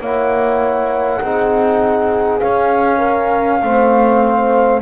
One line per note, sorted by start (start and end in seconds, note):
0.00 1.20 A#3
0.00 1.21 E4
0.00 1.21 C#5
0.00 2.39 F#5
1.21 2.41 C4
1.21 2.40 D#4
1.21 2.98 G#4
2.39 3.60 C#4
2.39 3.62 C#4
2.39 4.79 F5
2.98 3.58 A#4
3.62 4.81 A3
3.62 4.81 C4
3.62 4.81 C5